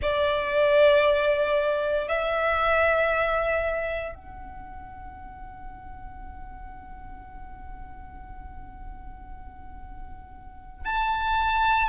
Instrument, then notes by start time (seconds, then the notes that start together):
violin
0.01 D5
2.08 E5
4.14 F#5
10.85 A5